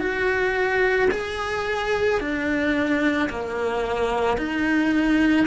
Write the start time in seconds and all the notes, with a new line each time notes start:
0.00 F#4
1.12 G#4
2.21 D4
3.30 A#3
4.38 D#4